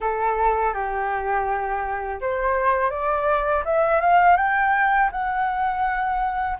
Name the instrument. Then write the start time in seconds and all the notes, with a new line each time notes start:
flute
0.00 A4
0.73 G4
2.20 C5
2.90 D5
3.64 E5
4.00 F5
4.36 G5
5.11 F#5